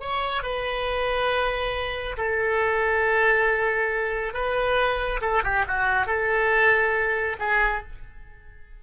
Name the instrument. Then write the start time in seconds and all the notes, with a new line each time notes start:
oboe
0.00 C#5
0.43 B4
2.17 A4
4.34 B4
5.21 A4
5.44 G4
5.68 F#4
6.07 A4
7.39 G#4